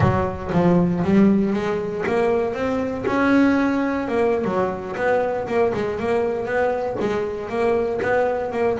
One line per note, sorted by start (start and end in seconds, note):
0.00 0.51 F#3
0.52 1.03 F3
1.04 1.53 G3
1.53 2.04 G#3
2.06 2.54 A#3
2.54 3.04 C4
3.06 4.07 C#4
4.07 4.44 A#3
4.44 4.95 F#3
4.96 5.47 B3
5.47 5.72 A#3
5.73 5.99 G#3
5.99 6.45 A#3
6.45 6.96 B3
7.00 7.49 G#3
7.49 7.99 A#3
8.02 8.52 B3
8.52 8.77 A#3